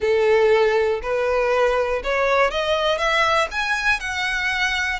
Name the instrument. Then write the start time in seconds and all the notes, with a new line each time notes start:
violin
0.00 A4
1.02 B4
2.03 C#5
2.50 D#5
2.97 E5
3.50 G#5
4.00 F#5